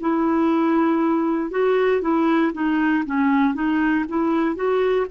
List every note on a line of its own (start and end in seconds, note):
0.00 1.51 E4
1.51 2.02 F#4
2.02 2.52 E4
2.53 3.04 D#4
3.06 3.55 C#4
3.55 4.05 D#4
4.09 4.56 E4
4.56 5.07 F#4